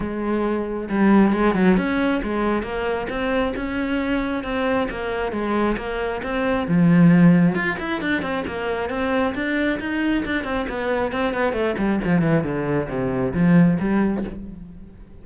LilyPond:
\new Staff \with { instrumentName = "cello" } { \time 4/4 \tempo 4 = 135 gis2 g4 gis8 fis8 | cis'4 gis4 ais4 c'4 | cis'2 c'4 ais4 | gis4 ais4 c'4 f4~ |
f4 f'8 e'8 d'8 c'8 ais4 | c'4 d'4 dis'4 d'8 c'8 | b4 c'8 b8 a8 g8 f8 e8 | d4 c4 f4 g4 | }